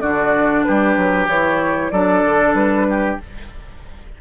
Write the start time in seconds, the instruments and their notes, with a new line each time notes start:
0.00 bassoon D3, clarinet D4, oboe F#4, flute D5
0.63 bassoon G3, oboe G4, flute B4
0.97 bassoon F#3
1.27 bassoon E3, clarinet E4, flute C#5
1.90 bassoon F#3, clarinet D4, oboe A4, flute D5
2.25 bassoon D3
2.54 bassoon G3, flute B4
2.89 oboe G4